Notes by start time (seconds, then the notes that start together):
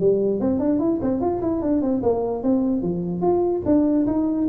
0.00 G3
0.41 C4
0.60 D4
0.80 E4
1.02 C4
1.21 F4
1.42 E4
1.62 D4
1.82 C4
2.03 A#3
2.43 C4
2.82 F3
3.22 F4
3.66 D4
4.07 D#4